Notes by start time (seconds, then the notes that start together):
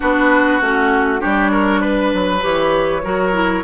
0.00 B3 D4 F#4 B4
0.60 A3 C#4 F#4
1.18 G3 D4 G4 C#5
1.51 A#4
1.81 B4
2.13 F#3
2.41 E3 G4 C#5
3.03 F#3 F#4 A#4
3.32 E4